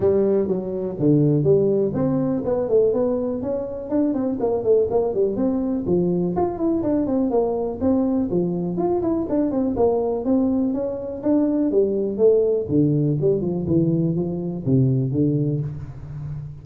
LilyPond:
\new Staff \with { instrumentName = "tuba" } { \time 4/4 \tempo 4 = 123 g4 fis4 d4 g4 | c'4 b8 a8 b4 cis'4 | d'8 c'8 ais8 a8 ais8 g8 c'4 | f4 f'8 e'8 d'8 c'8 ais4 |
c'4 f4 f'8 e'8 d'8 c'8 | ais4 c'4 cis'4 d'4 | g4 a4 d4 g8 f8 | e4 f4 c4 d4 | }